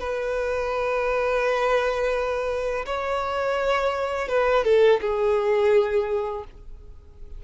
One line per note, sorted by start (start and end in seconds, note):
0.00 2.86 B4
2.86 4.29 C#5
4.29 4.64 B4
4.65 5.00 A4
5.01 6.44 G#4